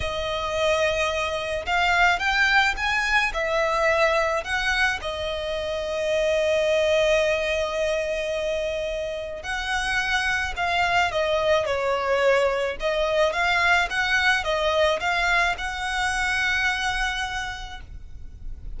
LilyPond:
\new Staff \with { instrumentName = "violin" } { \time 4/4 \tempo 4 = 108 dis''2. f''4 | g''4 gis''4 e''2 | fis''4 dis''2.~ | dis''1~ |
dis''4 fis''2 f''4 | dis''4 cis''2 dis''4 | f''4 fis''4 dis''4 f''4 | fis''1 | }